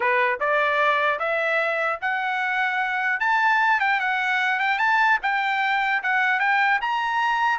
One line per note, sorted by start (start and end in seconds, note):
0.00 0.39 B4
0.39 1.19 D5
1.19 1.99 E5
2.01 3.19 F#5
3.19 3.79 A5
3.80 3.99 G5
3.99 4.59 F#5
4.59 4.78 G5
4.78 5.18 A5
5.22 6.02 G5
6.03 6.39 F#5
6.39 6.79 G5
6.81 7.58 A#5